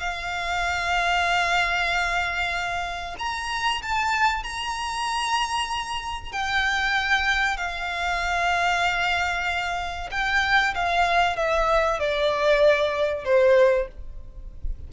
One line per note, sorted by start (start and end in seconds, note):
0.00 3.16 F5
3.19 3.82 A#5
3.82 4.43 A5
4.43 6.32 A#5
6.32 7.57 G5
7.57 10.10 F5
10.11 10.74 G5
10.75 11.36 F5
11.36 11.99 E5
11.99 13.25 D5
13.25 13.88 C5